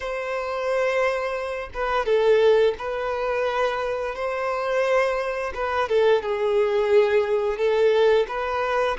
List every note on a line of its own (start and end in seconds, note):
0.00 1.69 C5
1.73 2.05 B4
2.05 2.74 A4
2.78 4.15 B4
4.15 5.53 C5
5.54 5.88 B4
5.88 6.22 A4
6.22 7.57 G#4
7.57 8.26 A4
8.28 8.97 B4